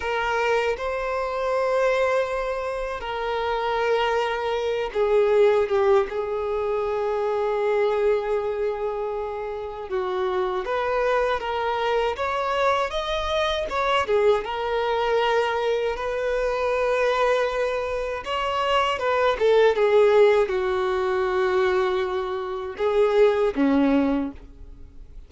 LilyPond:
\new Staff \with { instrumentName = "violin" } { \time 4/4 \tempo 4 = 79 ais'4 c''2. | ais'2~ ais'8 gis'4 g'8 | gis'1~ | gis'4 fis'4 b'4 ais'4 |
cis''4 dis''4 cis''8 gis'8 ais'4~ | ais'4 b'2. | cis''4 b'8 a'8 gis'4 fis'4~ | fis'2 gis'4 cis'4 | }